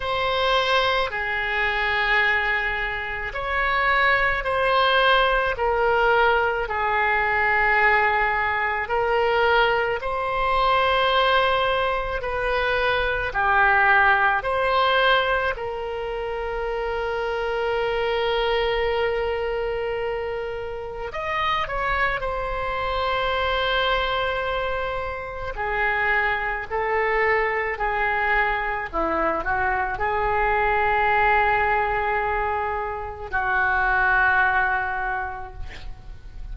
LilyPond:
\new Staff \with { instrumentName = "oboe" } { \time 4/4 \tempo 4 = 54 c''4 gis'2 cis''4 | c''4 ais'4 gis'2 | ais'4 c''2 b'4 | g'4 c''4 ais'2~ |
ais'2. dis''8 cis''8 | c''2. gis'4 | a'4 gis'4 e'8 fis'8 gis'4~ | gis'2 fis'2 | }